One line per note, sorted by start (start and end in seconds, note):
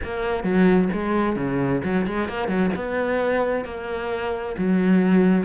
0.04 0.43 A#3
0.43 0.89 F#3
0.92 1.36 G#3
1.36 1.81 C#3
1.83 2.06 F#3
2.06 2.28 G#3
2.28 2.48 A#3
2.48 2.70 F#3
2.75 3.64 B3
3.64 4.55 A#3
4.57 5.44 F#3